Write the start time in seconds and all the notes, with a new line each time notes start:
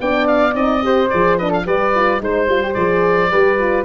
0.00 B3 D4 D5 G5
0.27 F5
0.54 C4 D#4 D#5
0.82 G4 C5
1.09 F3 G#4 D5
1.37 D4 B4 D#5
1.48 A4 F5
1.65 G3 G4 B4 D5
1.95 F4
2.20 G#3 D#4 C5
2.46 G3 F4
2.62 G4
2.74 F3 G#4 D5
3.30 G3 G4 B4
3.58 F4